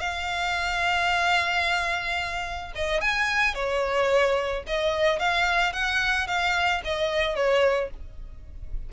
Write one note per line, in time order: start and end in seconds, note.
0.00 2.73 F5
2.76 3.01 D#5
3.01 3.55 G#5
3.55 4.64 C#5
4.67 5.20 D#5
5.20 5.73 F5
5.73 6.28 F#5
6.28 6.82 F5
6.85 7.36 D#5
7.36 7.91 C#5